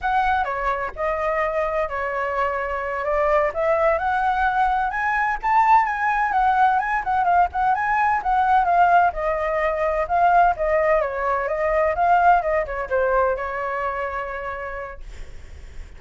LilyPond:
\new Staff \with { instrumentName = "flute" } { \time 4/4 \tempo 4 = 128 fis''4 cis''4 dis''2 | cis''2~ cis''8 d''4 e''8~ | e''8 fis''2 gis''4 a''8~ | a''8 gis''4 fis''4 gis''8 fis''8 f''8 |
fis''8 gis''4 fis''4 f''4 dis''8~ | dis''4. f''4 dis''4 cis''8~ | cis''8 dis''4 f''4 dis''8 cis''8 c''8~ | c''8 cis''2.~ cis''8 | }